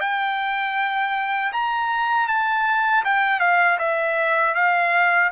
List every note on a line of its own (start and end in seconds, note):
0.00 1.52 G5
1.52 2.28 A#5
2.28 3.03 A5
3.04 3.40 G5
3.40 3.78 F5
3.78 4.54 E5
4.54 5.30 F5